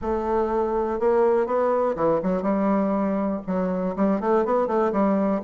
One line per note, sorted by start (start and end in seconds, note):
0.01 0.99 A3
0.99 1.46 A#3
1.46 1.95 B3
1.95 2.20 E3
2.22 2.42 F#3
2.42 3.40 G3
3.46 3.95 F#3
3.96 4.20 G3
4.20 4.45 A3
4.45 4.67 B3
4.67 4.92 A3
4.92 5.41 G3